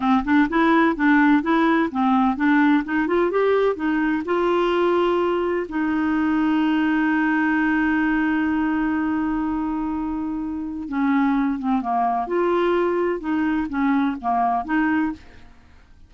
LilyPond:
\new Staff \with { instrumentName = "clarinet" } { \time 4/4 \tempo 4 = 127 c'8 d'8 e'4 d'4 e'4 | c'4 d'4 dis'8 f'8 g'4 | dis'4 f'2. | dis'1~ |
dis'1~ | dis'2. cis'4~ | cis'8 c'8 ais4 f'2 | dis'4 cis'4 ais4 dis'4 | }